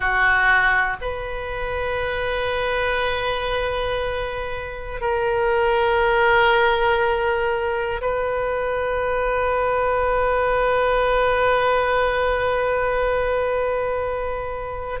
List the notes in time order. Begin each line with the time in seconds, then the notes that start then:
0.00 F#4
1.01 B4
5.00 A#4
8.00 B4